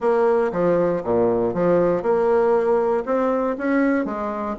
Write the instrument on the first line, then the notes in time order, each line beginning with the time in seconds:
bassoon
0.00 A#3
0.52 F3
1.03 A#2
1.53 F3
2.02 A#3
3.05 C4
3.57 C#4
4.05 G#3